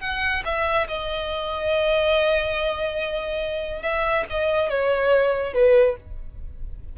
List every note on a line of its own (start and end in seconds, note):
0.00 0.43 F#5
0.44 0.87 E5
0.87 3.82 D#5
3.82 4.24 E5
4.29 4.69 D#5
4.69 5.53 C#5
5.53 5.96 B4